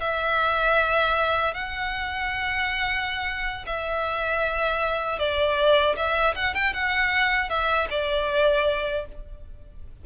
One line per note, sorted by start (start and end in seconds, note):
0.00 1.54 E5
1.54 3.65 F#5
3.66 5.19 E5
5.19 5.96 D5
5.96 6.35 E5
6.35 6.54 F#5
6.54 6.73 G5
6.73 7.49 F#5
7.49 7.88 E5
7.90 9.06 D5